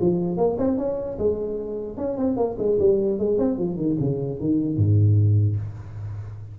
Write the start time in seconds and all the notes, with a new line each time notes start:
0.00 F3
0.37 A#3
0.58 C4
0.77 C#4
1.18 G#3
1.97 C#4
2.17 C4
2.36 A#3
2.58 G#3
2.79 G3
3.18 G#3
3.38 C4
3.58 F3
3.76 D#3
4.00 C#3
4.40 D#3
4.77 G#2